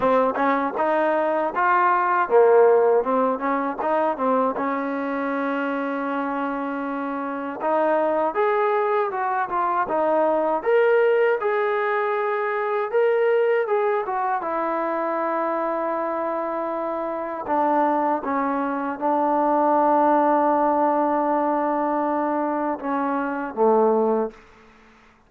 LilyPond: \new Staff \with { instrumentName = "trombone" } { \time 4/4 \tempo 4 = 79 c'8 cis'8 dis'4 f'4 ais4 | c'8 cis'8 dis'8 c'8 cis'2~ | cis'2 dis'4 gis'4 | fis'8 f'8 dis'4 ais'4 gis'4~ |
gis'4 ais'4 gis'8 fis'8 e'4~ | e'2. d'4 | cis'4 d'2.~ | d'2 cis'4 a4 | }